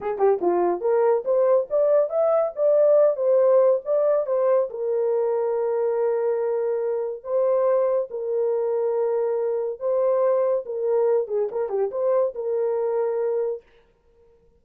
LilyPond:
\new Staff \with { instrumentName = "horn" } { \time 4/4 \tempo 4 = 141 gis'8 g'8 f'4 ais'4 c''4 | d''4 e''4 d''4. c''8~ | c''4 d''4 c''4 ais'4~ | ais'1~ |
ais'4 c''2 ais'4~ | ais'2. c''4~ | c''4 ais'4. gis'8 ais'8 g'8 | c''4 ais'2. | }